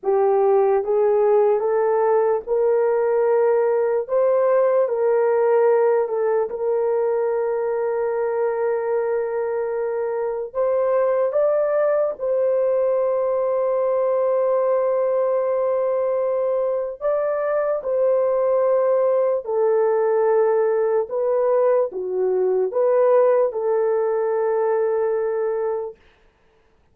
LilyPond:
\new Staff \with { instrumentName = "horn" } { \time 4/4 \tempo 4 = 74 g'4 gis'4 a'4 ais'4~ | ais'4 c''4 ais'4. a'8 | ais'1~ | ais'4 c''4 d''4 c''4~ |
c''1~ | c''4 d''4 c''2 | a'2 b'4 fis'4 | b'4 a'2. | }